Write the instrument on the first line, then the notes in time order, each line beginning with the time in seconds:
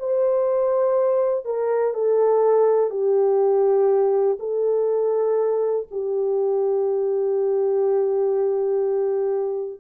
horn
0.00 C5
1.45 A#4
1.94 A4
2.91 G4
4.39 A4
5.91 G4